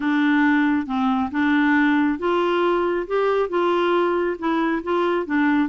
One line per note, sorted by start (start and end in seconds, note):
0.00 0.86 D4
0.86 1.30 C4
1.31 2.18 D4
2.18 3.06 F4
3.07 3.49 G4
3.49 4.36 F4
4.38 4.82 E4
4.83 5.26 F4
5.26 5.68 D4